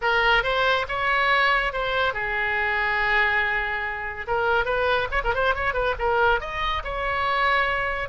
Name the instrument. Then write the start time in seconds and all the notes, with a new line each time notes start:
oboe
0.01 A#4
0.43 C5
0.88 C#5
1.72 C5
2.13 G#4
4.27 A#4
4.65 B4
5.11 C#5
5.24 A#4
5.34 C5
5.54 C#5
5.73 B4
5.98 A#4
6.40 D#5
6.84 C#5